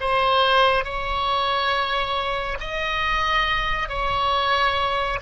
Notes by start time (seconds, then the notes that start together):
0.00 C5
0.84 C#5
2.60 D#5
3.89 C#5